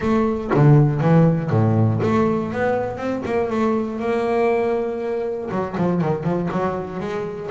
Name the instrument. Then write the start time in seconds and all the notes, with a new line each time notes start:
double bass
0.00 A3
0.54 D3
1.00 E3
1.50 A2
2.02 A3
2.52 B3
2.97 C4
3.25 A#3
3.50 A3
3.99 A#3
5.50 F#3
5.77 F3
6.01 D#3
6.23 F3
6.51 F#3
7.00 G#3